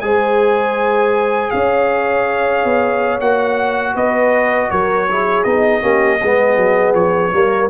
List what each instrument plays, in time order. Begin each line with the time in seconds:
0.00 tuba G#3, trombone G#4, horn C5, trumpet G#5
1.50 tuba C#4, horn C#5, trumpet F5
2.64 tuba B3
3.20 tuba A#3, trombone F#4, trumpet F#5
3.94 tuba B3, horn B4, trumpet D#5
4.70 tuba F#3, horn A#4, trumpet C#5
5.10 trombone E4, horn G#4
5.43 tuba B3, trombone D#4, trumpet D#5
5.81 tuba A#3, trombone C#4, horn G4
6.20 tuba G#3, trombone B3, horn G#4
6.56 tuba F#3
6.93 tuba F3, trumpet C#5
7.32 tuba G3, trombone A#3, horn A#4